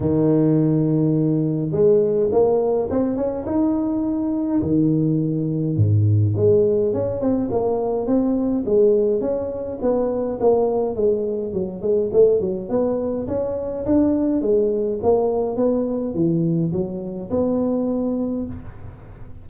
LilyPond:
\new Staff \with { instrumentName = "tuba" } { \time 4/4 \tempo 4 = 104 dis2. gis4 | ais4 c'8 cis'8 dis'2 | dis2 gis,4 gis4 | cis'8 c'8 ais4 c'4 gis4 |
cis'4 b4 ais4 gis4 | fis8 gis8 a8 fis8 b4 cis'4 | d'4 gis4 ais4 b4 | e4 fis4 b2 | }